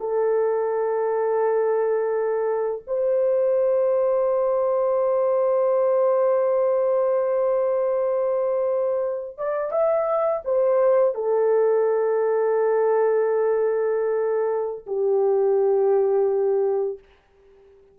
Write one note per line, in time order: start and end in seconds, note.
0.00 2.82 A4
2.87 9.38 C5
9.38 9.71 D5
9.71 10.42 E5
10.45 11.15 C5
11.15 14.86 A4
14.87 16.99 G4